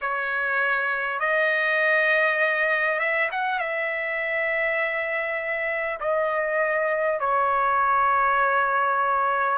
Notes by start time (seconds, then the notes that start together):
0.01 C#5
1.19 D#5
2.99 E5
3.31 F#5
3.59 E5
6.00 D#5
7.19 C#5